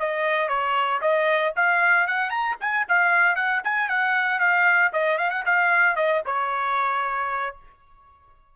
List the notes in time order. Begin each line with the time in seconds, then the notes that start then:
0.00 D#5
0.49 C#5
1.02 D#5
1.56 F5
2.07 F#5
2.30 A#5
2.60 G#5
2.89 F5
3.36 F#5
3.64 G#5
3.89 F#5
4.40 F5
4.93 D#5
5.18 F5
5.31 F#5
5.46 F5
5.96 D#5
6.26 C#5